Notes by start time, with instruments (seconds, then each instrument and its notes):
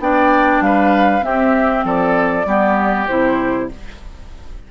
0.00 bassoon B3, clarinet D4, oboe D5, flute G5
0.61 bassoon G3, oboe B4, flute F5
1.21 clarinet C4, bassoon C4, oboe G4, flute E5
1.85 bassoon F3, oboe A4, flute D5
2.46 bassoon G3, clarinet B3, oboe G4
3.08 bassoon C3, clarinet E4, flute C5